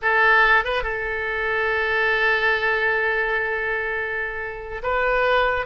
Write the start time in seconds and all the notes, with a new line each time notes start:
0.02 A4
0.64 B4
0.83 A4
4.83 B4